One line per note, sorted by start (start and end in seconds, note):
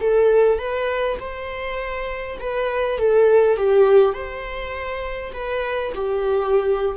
0.00 0.58 A4
0.58 1.18 B4
1.19 2.38 C5
2.40 2.98 B4
2.98 3.57 A4
3.57 4.14 G4
4.14 5.32 C5
5.33 5.93 B4
5.95 6.97 G4